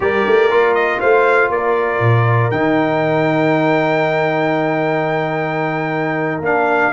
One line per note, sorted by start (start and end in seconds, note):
0.00 0.24 G3
0.00 0.48 G4
0.00 1.00 A#4
0.00 0.74 D5
0.26 0.50 A3
0.50 1.01 A#3
0.50 2.52 F4
0.74 0.99 D#5
1.00 1.49 A3
1.00 1.50 C5
1.00 1.50 F5
1.49 1.99 A#3
1.49 6.92 A#4
1.49 2.51 D5
2.00 2.50 A#2
2.51 6.39 D#3
2.51 6.43 D#4
2.51 6.41 G5
6.39 6.90 A#3
6.39 6.92 D4
6.39 6.92 F5